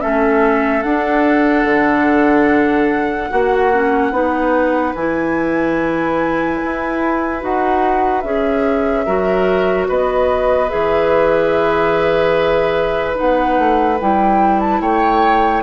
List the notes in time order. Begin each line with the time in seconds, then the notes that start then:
0.00 A3 C#4 A4 E5
0.82 D4 F#5
1.64 D3
3.29 A#3 F#4
3.72 C#4
4.11 B3 D#4 B4
4.94 E3 E4 G#5
6.64 E4
7.40 D#4 F#4 F#5
8.21 C#4 G#4 E5
9.05 F#3 F#4 A#4
9.88 B3 B4 D#5
10.68 E3 G#4 E5
13.14 B3 D#4 F#5
13.58 A3
14.00 G3 E4 G5
14.60 A5
14.80 A3 C#5 G5